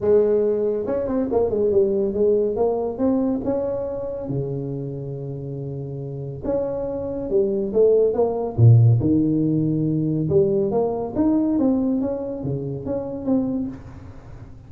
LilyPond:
\new Staff \with { instrumentName = "tuba" } { \time 4/4 \tempo 4 = 140 gis2 cis'8 c'8 ais8 gis8 | g4 gis4 ais4 c'4 | cis'2 cis2~ | cis2. cis'4~ |
cis'4 g4 a4 ais4 | ais,4 dis2. | g4 ais4 dis'4 c'4 | cis'4 cis4 cis'4 c'4 | }